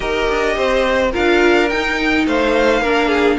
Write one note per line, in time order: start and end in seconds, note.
0.00 0.28 D#4
0.00 1.12 G4
0.00 0.54 A#4
0.00 1.10 D#5
0.29 0.57 D4
0.57 1.14 C4
0.57 1.11 C5
1.11 1.71 D4
1.11 1.69 F4
1.11 2.24 A#4
1.11 1.69 F5
1.69 2.26 D#4
1.69 2.85 D#4
1.69 2.25 G5
2.26 2.81 A3
2.26 2.81 C5
2.26 3.38 F5
2.81 3.37 A#3
2.81 3.38 D4
2.81 3.08 A#4
3.08 3.36 G#4